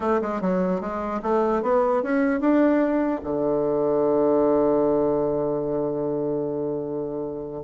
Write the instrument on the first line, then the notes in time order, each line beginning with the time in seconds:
bassoon
0.00 A3
0.21 G#3
0.41 F#3
0.80 G#3
1.22 A3
1.62 B3
2.02 C#4
2.40 D4
3.23 D3